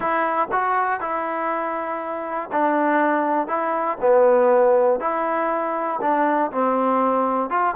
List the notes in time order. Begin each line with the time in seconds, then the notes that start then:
0.00 E4
0.51 F#4
1.00 E4
2.51 D4
3.47 E4
4.00 B3
5.00 E4
6.01 D4
6.51 C4
7.50 F4